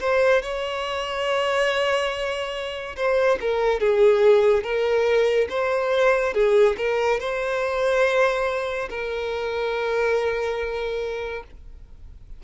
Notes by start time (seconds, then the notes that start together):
0.00 C5
0.42 C#5
2.96 C5
3.41 A#4
3.80 G#4
4.63 A#4
5.49 C5
6.34 G#4
6.77 A#4
7.20 C5
8.90 A#4